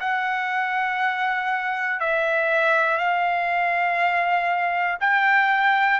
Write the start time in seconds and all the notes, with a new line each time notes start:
0.00 F#5
2.00 E5
2.98 F5
5.00 G5